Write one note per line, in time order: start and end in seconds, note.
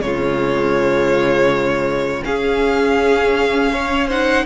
0.00 2.22 C#3
0.00 2.23 G#3
0.00 2.25 F4
0.00 2.24 C#5
2.23 4.08 C#4
2.23 4.46 C#4
2.23 3.73 G#4
2.23 4.10 F5
3.73 4.07 C#5
4.07 4.46 D#4
4.07 4.44 C5
4.07 4.46 F#5